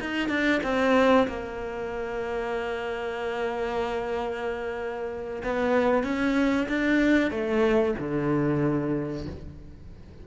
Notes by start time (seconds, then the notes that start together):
0.00 D#4
0.29 D4
0.63 C4
1.27 A#3
5.43 B3
6.03 C#4
6.68 D4
7.31 A3
7.98 D3